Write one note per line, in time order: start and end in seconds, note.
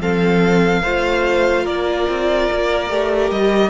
0.00 0.82 F3
0.00 0.82 C4
0.00 0.83 A4
0.00 1.66 F5
0.83 1.66 A3
0.83 2.90 F4
0.83 1.64 C5
1.64 2.07 A#3
1.64 3.70 A#4
1.64 3.31 D5
2.08 2.49 C4
2.52 2.90 A#3
2.90 3.31 A3
2.90 3.70 G4
3.31 3.70 G3
3.31 3.70 D#5